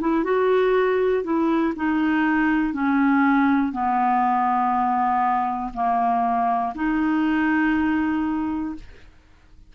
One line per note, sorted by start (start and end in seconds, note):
0.00 0.24 E4
0.24 1.23 F#4
1.23 1.73 E4
1.76 2.73 D#4
2.73 3.72 C#4
3.72 5.72 B3
5.73 6.73 A#3
6.74 8.74 D#4